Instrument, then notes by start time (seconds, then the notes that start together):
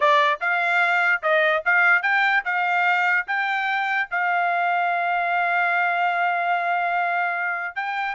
trumpet
0.00 D5
0.40 F5
1.22 D#5
1.65 F5
2.02 G5
2.45 F5
3.27 G5
4.10 F5
7.75 G5